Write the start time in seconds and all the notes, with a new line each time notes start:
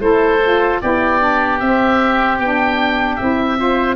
0.00 A3 E4 A4 C5
0.43 F4
0.82 B3 E4 G4 D5
1.20 D4
1.60 C4 E5
2.39 B3 D4 G5
3.16 C4 E4 E5
3.57 F4 C5